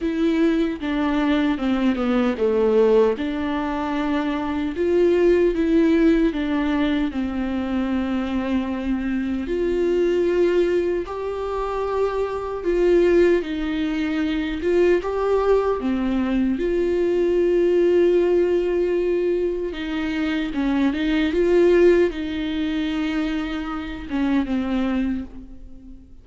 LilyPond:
\new Staff \with { instrumentName = "viola" } { \time 4/4 \tempo 4 = 76 e'4 d'4 c'8 b8 a4 | d'2 f'4 e'4 | d'4 c'2. | f'2 g'2 |
f'4 dis'4. f'8 g'4 | c'4 f'2.~ | f'4 dis'4 cis'8 dis'8 f'4 | dis'2~ dis'8 cis'8 c'4 | }